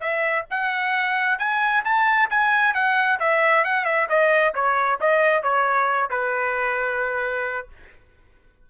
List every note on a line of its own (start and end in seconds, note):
0.00 0.45 E5
0.50 1.38 F#5
1.38 1.84 G#5
1.84 2.29 A5
2.30 2.74 G#5
2.74 3.19 F#5
3.19 3.64 E5
3.64 3.85 F#5
3.85 4.07 E5
4.09 4.54 D#5
4.54 4.99 C#5
5.00 5.43 D#5
5.43 6.10 C#5
6.10 7.68 B4